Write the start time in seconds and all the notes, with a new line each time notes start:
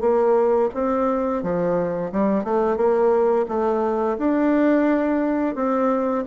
0.00 A#3
0.74 C4
1.42 F3
2.12 G3
2.44 A3
2.76 A#3
3.48 A3
4.18 D4
5.55 C4